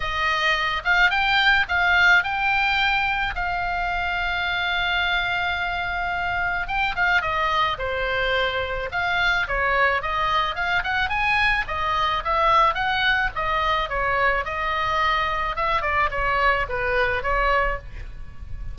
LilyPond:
\new Staff \with { instrumentName = "oboe" } { \time 4/4 \tempo 4 = 108 dis''4. f''8 g''4 f''4 | g''2 f''2~ | f''1 | g''8 f''8 dis''4 c''2 |
f''4 cis''4 dis''4 f''8 fis''8 | gis''4 dis''4 e''4 fis''4 | dis''4 cis''4 dis''2 | e''8 d''8 cis''4 b'4 cis''4 | }